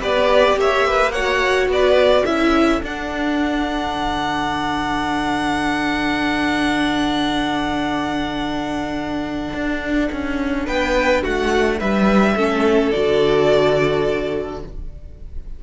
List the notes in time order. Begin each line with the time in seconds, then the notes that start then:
0.00 B3 G4 B4 D5
0.57 A#3 C#5 E5
0.88 B4
1.12 F#4 C#5 F#5
1.68 B3 D5
1.74 B4
2.25 C#4 E4 A4 E5
2.82 D4 F#5
3.95 D3
9.54 D4
10.12 C#4
10.67 B3 B4 G5
11.22 A3 F#4 F#5
11.80 G3 B4 E5
12.36 A3 C#4 A4
12.91 D3 F#4 D5